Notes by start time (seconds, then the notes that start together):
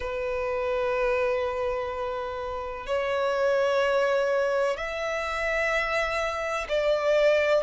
0.00 B4
2.86 C#5
4.76 E5
6.68 D5